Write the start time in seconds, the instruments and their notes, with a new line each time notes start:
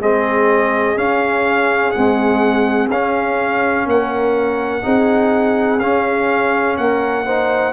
0.00 tuba G#3, trombone C4, horn G#4, trumpet D#5
0.96 trombone C#4, tuba C#4, trumpet F5
1.91 trombone G#3, tuba C4, trumpet F#5
2.89 tuba C#4, trombone C#4, trumpet F5
3.85 tuba A#3, horn A#4, trumpet F#5
4.81 tuba C4, trombone D#4, horn G#4
5.79 trombone C#4, tuba C#4, trumpet F5
6.77 tuba A#3, horn A#4, trumpet F#5
7.25 trombone D#4, horn C5